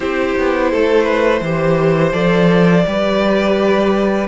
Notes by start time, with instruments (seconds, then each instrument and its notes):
0.00 cello C4, viola E4, violin G4 C5
0.38 cello B3
0.71 cello A3, violin A4
1.04 violin B4
1.41 cello E3, viola G4, violin C5
2.12 cello F3, viola A4, violin D5
2.86 cello G3, viola G4, violin B4